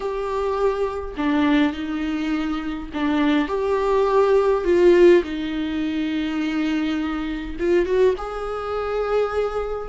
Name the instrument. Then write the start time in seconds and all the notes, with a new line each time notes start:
viola
0.00 G4
1.17 D4
1.72 D#4
2.93 D4
3.47 G4
4.64 F4
5.23 D#4
7.59 F4
7.85 F#4
8.17 G#4